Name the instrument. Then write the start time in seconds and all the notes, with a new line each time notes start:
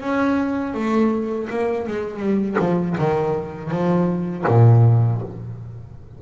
double bass
0.00 C#4
0.74 A3
1.49 A#3
1.87 G#3
2.19 G3
2.59 F3
2.98 D#3
3.70 F3
4.47 A#2